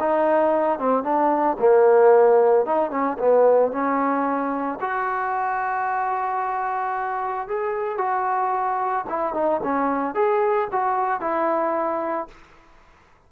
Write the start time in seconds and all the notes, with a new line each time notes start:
0.00 D#4
0.79 C4
1.04 D4
1.60 A#3
2.66 D#4
2.91 C#4
3.19 B3
3.72 C#4
4.81 F#4
7.48 G#4
7.98 F#4
9.09 E4
9.34 D#4
9.64 C#4
10.15 G#4
10.72 F#4
11.21 E4